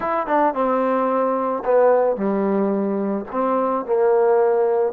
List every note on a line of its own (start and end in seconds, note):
0.00 0.27 E4
0.27 0.54 D4
0.54 1.63 C4
1.65 2.16 B3
2.16 3.25 G3
3.31 3.85 C4
3.85 4.92 A#3